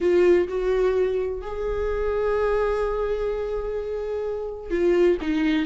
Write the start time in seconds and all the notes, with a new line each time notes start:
0.00 F4
0.48 F#4
1.41 G#4
4.70 F4
5.21 D#4